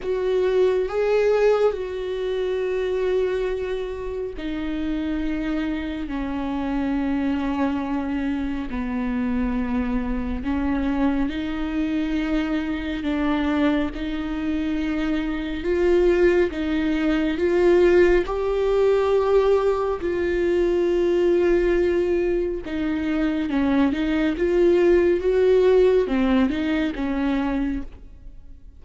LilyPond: \new Staff \with { instrumentName = "viola" } { \time 4/4 \tempo 4 = 69 fis'4 gis'4 fis'2~ | fis'4 dis'2 cis'4~ | cis'2 b2 | cis'4 dis'2 d'4 |
dis'2 f'4 dis'4 | f'4 g'2 f'4~ | f'2 dis'4 cis'8 dis'8 | f'4 fis'4 c'8 dis'8 cis'4 | }